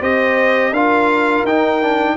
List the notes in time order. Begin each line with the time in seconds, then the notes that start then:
0.00 C4 G4 C5 D#5
0.71 D4 F4 A#4 F5
1.44 D#4 G5
1.82 D4